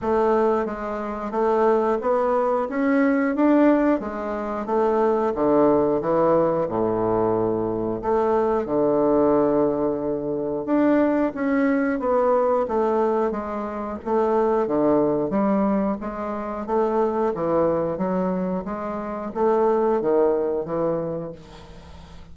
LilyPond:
\new Staff \with { instrumentName = "bassoon" } { \time 4/4 \tempo 4 = 90 a4 gis4 a4 b4 | cis'4 d'4 gis4 a4 | d4 e4 a,2 | a4 d2. |
d'4 cis'4 b4 a4 | gis4 a4 d4 g4 | gis4 a4 e4 fis4 | gis4 a4 dis4 e4 | }